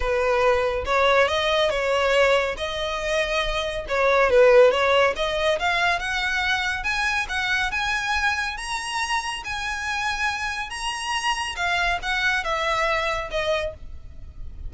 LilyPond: \new Staff \with { instrumentName = "violin" } { \time 4/4 \tempo 4 = 140 b'2 cis''4 dis''4 | cis''2 dis''2~ | dis''4 cis''4 b'4 cis''4 | dis''4 f''4 fis''2 |
gis''4 fis''4 gis''2 | ais''2 gis''2~ | gis''4 ais''2 f''4 | fis''4 e''2 dis''4 | }